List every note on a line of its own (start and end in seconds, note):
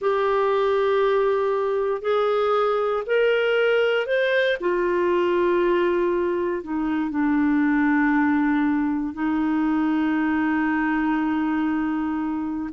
0.01 2.01 G4
2.01 3.03 G#4
3.06 4.06 A#4
4.06 4.57 C5
4.60 6.63 F4
6.63 7.10 D#4
7.10 9.13 D4
9.13 12.69 D#4